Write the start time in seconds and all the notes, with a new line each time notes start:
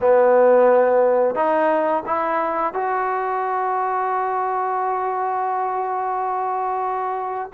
0.00 B3
1.35 D#4
2.06 E4
2.73 F#4